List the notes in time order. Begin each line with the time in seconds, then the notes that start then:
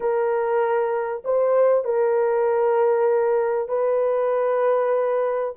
0.00 A#4
1.24 C5
1.84 A#4
3.68 B4